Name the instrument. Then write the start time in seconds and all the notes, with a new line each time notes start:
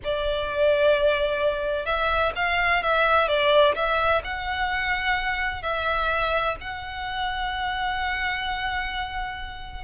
violin
0.03 D5
1.85 E5
2.35 F5
2.82 E5
3.27 D5
3.75 E5
4.23 F#5
5.62 E5
6.60 F#5